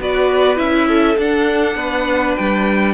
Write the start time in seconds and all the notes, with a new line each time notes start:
0.00 B3 F#4 B4 D5
0.56 C#4 E4 E5
0.88 A4
1.18 D4 F#5
1.76 B3 B4
2.36 G3 G5